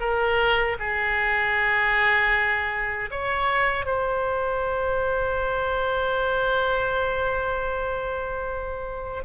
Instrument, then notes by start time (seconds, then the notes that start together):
oboe
0.00 A#4
0.79 G#4
3.10 C#5
3.85 C5